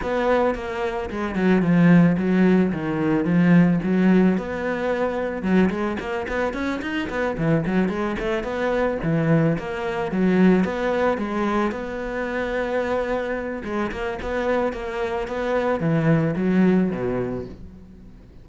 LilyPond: \new Staff \with { instrumentName = "cello" } { \time 4/4 \tempo 4 = 110 b4 ais4 gis8 fis8 f4 | fis4 dis4 f4 fis4 | b2 fis8 gis8 ais8 b8 | cis'8 dis'8 b8 e8 fis8 gis8 a8 b8~ |
b8 e4 ais4 fis4 b8~ | b8 gis4 b2~ b8~ | b4 gis8 ais8 b4 ais4 | b4 e4 fis4 b,4 | }